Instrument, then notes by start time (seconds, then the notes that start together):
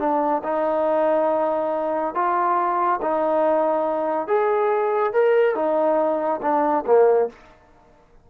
trombone
0.00 D4
0.44 D#4
2.15 F4
3.02 D#4
4.28 G#4
5.14 A#4
5.55 D#4
6.42 D4
6.87 A#3